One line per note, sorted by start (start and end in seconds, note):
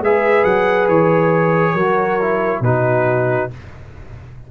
0.00 0.43 G#3
0.00 1.78 G#4
0.00 1.74 B4
0.00 0.44 E5
0.44 0.88 F#3
0.44 0.87 F#5
0.88 1.74 E3
0.88 2.62 C#5
1.74 2.61 F#3
1.74 2.20 F#4
1.74 2.61 A#4
2.20 2.64 E4
2.61 3.47 B2
2.61 3.51 D#4
2.61 3.51 F#4
2.61 3.51 B4